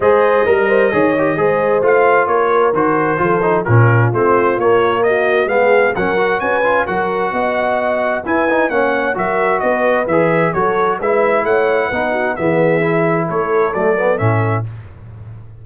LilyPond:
<<
  \new Staff \with { instrumentName = "trumpet" } { \time 4/4 \tempo 4 = 131 dis''1 | f''4 cis''4 c''2 | ais'4 c''4 cis''4 dis''4 | f''4 fis''4 gis''4 fis''4~ |
fis''2 gis''4 fis''4 | e''4 dis''4 e''4 cis''4 | e''4 fis''2 e''4~ | e''4 cis''4 d''4 e''4 | }
  \new Staff \with { instrumentName = "horn" } { \time 4/4 c''4 ais'8 c''8 cis''4 c''4~ | c''4 ais'2 a'4 | f'2. fis'4 | gis'4 ais'4 b'4 ais'4 |
dis''2 b'4 cis''4 | ais'4 b'2 a'4 | b'4 cis''4 b'8 fis'8 gis'4~ | gis'4 a'2. | }
  \new Staff \with { instrumentName = "trombone" } { \time 4/4 gis'4 ais'4 gis'8 g'8 gis'4 | f'2 fis'4 f'8 dis'8 | cis'4 c'4 ais2 | b4 cis'8 fis'4 f'8 fis'4~ |
fis'2 e'8 dis'8 cis'4 | fis'2 gis'4 fis'4 | e'2 dis'4 b4 | e'2 a8 b8 cis'4 | }
  \new Staff \with { instrumentName = "tuba" } { \time 4/4 gis4 g4 dis4 gis4 | a4 ais4 dis4 f4 | ais,4 a4 ais2 | gis4 fis4 cis'4 fis4 |
b2 e'4 ais4 | fis4 b4 e4 fis4 | gis4 a4 b4 e4~ | e4 a4 fis4 a,4 | }
>>